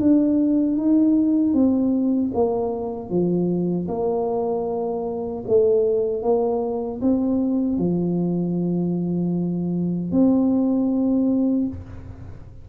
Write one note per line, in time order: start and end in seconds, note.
0.00 0.77 D4
0.77 1.54 D#4
1.54 2.32 C4
2.34 3.10 A#3
3.10 3.87 F3
3.89 5.44 A#3
5.48 6.23 A3
6.23 7.01 A#3
7.01 7.78 C4
7.78 10.12 F3
10.12 11.67 C4